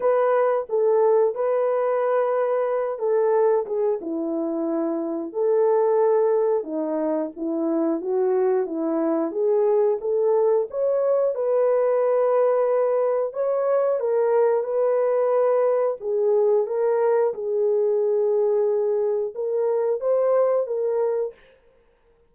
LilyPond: \new Staff \with { instrumentName = "horn" } { \time 4/4 \tempo 4 = 90 b'4 a'4 b'2~ | b'8 a'4 gis'8 e'2 | a'2 dis'4 e'4 | fis'4 e'4 gis'4 a'4 |
cis''4 b'2. | cis''4 ais'4 b'2 | gis'4 ais'4 gis'2~ | gis'4 ais'4 c''4 ais'4 | }